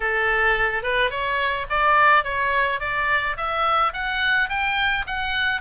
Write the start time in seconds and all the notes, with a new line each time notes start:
0.00 A4
0.82 B4
1.10 C#5
1.69 D5
2.24 C#5
2.80 D5
3.36 E5
3.93 F#5
4.49 G5
5.06 F#5